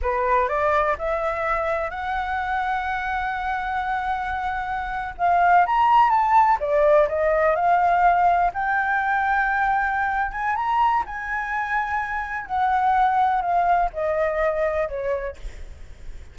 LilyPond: \new Staff \with { instrumentName = "flute" } { \time 4/4 \tempo 4 = 125 b'4 d''4 e''2 | fis''1~ | fis''2~ fis''8. f''4 ais''16~ | ais''8. a''4 d''4 dis''4 f''16~ |
f''4.~ f''16 g''2~ g''16~ | g''4. gis''8 ais''4 gis''4~ | gis''2 fis''2 | f''4 dis''2 cis''4 | }